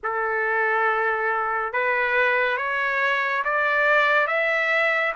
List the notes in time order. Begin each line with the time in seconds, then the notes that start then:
0.03 A4
1.72 B4
2.57 C#5
3.44 D5
4.27 E5